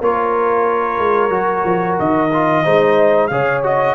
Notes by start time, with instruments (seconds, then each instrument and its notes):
0.00 tuba A#3, trombone F4, horn A#4, trumpet C#5
0.98 tuba G#3
1.30 tuba F#3, trombone F#4
1.64 tuba F3
1.99 tuba D#3, trumpet D#5
2.33 trombone F4
2.64 tuba G#3, trombone D#4, horn C5
3.27 tuba C#3, trombone G#4, horn C#5, trumpet F5
3.63 trombone F#4, trumpet D#5